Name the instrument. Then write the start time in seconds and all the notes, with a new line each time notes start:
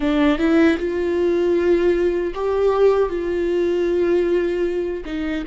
viola
0.00 D4
0.38 E4
0.78 F4
2.34 G4
3.09 F4
5.05 D#4